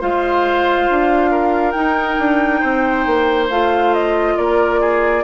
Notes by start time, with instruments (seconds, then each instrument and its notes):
0.00 bassoon G#3, clarinet F4, oboe C5, flute F5
0.89 bassoon D4
1.31 oboe A#4
1.72 bassoon D#4, clarinet D#4, flute G5
2.18 bassoon D4
2.60 bassoon C4, oboe C5
3.06 bassoon A#3
3.50 bassoon A3, clarinet F4, flute F5
3.94 flute D#5
4.37 bassoon A#3, oboe A#4, flute D5
4.80 oboe G#4